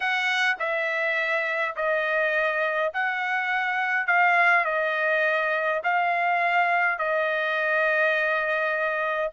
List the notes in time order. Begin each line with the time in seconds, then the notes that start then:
0.00 F#5
0.59 E5
1.76 D#5
2.93 F#5
4.06 F5
4.64 D#5
5.83 F5
6.98 D#5